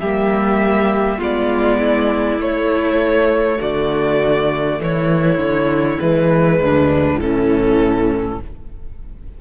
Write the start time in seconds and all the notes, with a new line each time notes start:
0.00 G3 A#3 G4 E5
1.18 G#3 B3 F4 D5
1.78 E4
2.39 A3 C#5
3.59 D3 F#4 D5
4.80 E3 E4 C#5
5.38 D3
5.99 E3 G#3 B4
6.61 D2 D4
7.16 A2 E3 C#4 A4